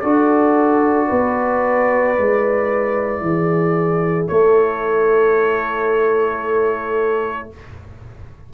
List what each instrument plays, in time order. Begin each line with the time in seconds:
0.00 tuba D4, trombone F#4, horn A4, trumpet D5
1.07 tuba B3, horn B4
2.17 tuba G#3, trombone E4
3.21 tuba E3, horn G#4
4.27 tuba A3, horn A4, trumpet C#5